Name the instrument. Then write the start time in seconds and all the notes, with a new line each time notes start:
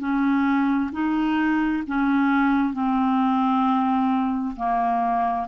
clarinet
0.00 C#4
0.93 D#4
1.87 C#4
2.74 C4
4.57 A#3